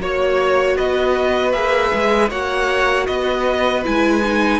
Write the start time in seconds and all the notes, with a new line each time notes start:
0.00 A#3 F#4 C#5
0.77 B3 B4 D#5
1.52 A#3 G#4 E5
1.93 G#3
2.30 A#3 F#4 C#5 F#5
3.07 B3 B4 D#5
3.84 G#3 E4 G#5
4.25 D#4